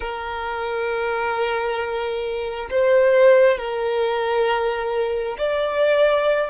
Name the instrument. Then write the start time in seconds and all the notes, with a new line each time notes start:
violin
0.00 A#4
2.70 C5
3.58 A#4
5.38 D5